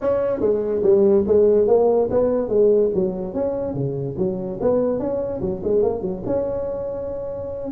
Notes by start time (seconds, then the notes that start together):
0.01 C#4
0.40 G#3
0.82 G3
1.27 G#3
1.67 A#3
2.10 B3
2.48 G#3
2.94 F#3
3.33 C#4
3.74 C#3
4.17 F#3
4.60 B3
4.99 C#4
5.41 F#3
5.63 G#3
5.82 A#3
6.01 F#3
6.26 C#4